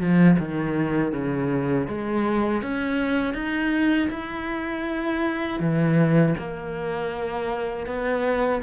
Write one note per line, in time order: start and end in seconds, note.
0.00 0.38 F3
0.39 1.13 D#3
1.13 1.88 C#3
1.88 2.62 G#3
2.62 3.34 C#4
3.34 4.09 D#4
4.10 5.60 E4
5.60 6.35 E3
6.39 7.86 A#3
7.86 8.61 B3